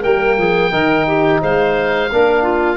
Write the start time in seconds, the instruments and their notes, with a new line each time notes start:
0.00 tuba G3, trombone A#3, clarinet A#4, oboe G5
0.37 tuba F3, clarinet G#4
0.71 tuba D#3, trombone D#4, clarinet A#4
1.07 clarinet G4
1.41 tuba G#3, clarinet C5, oboe F5
2.11 tuba A#3, trombone D4, clarinet A#4
2.42 clarinet F4